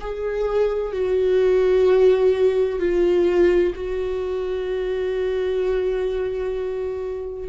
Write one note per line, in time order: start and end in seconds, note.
0.00 0.92 G#4
0.92 2.80 F#4
2.80 3.73 F4
3.75 7.49 F#4